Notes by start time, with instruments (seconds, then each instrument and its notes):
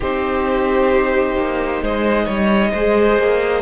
0.00 cello C4, viola D#4, violin G4 C5
1.36 cello A#3
1.81 cello G#3, violin C5 D#5
2.25 cello G3, violin C#5
2.72 cello G#3, viola G#4, violin C5
3.18 cello A#3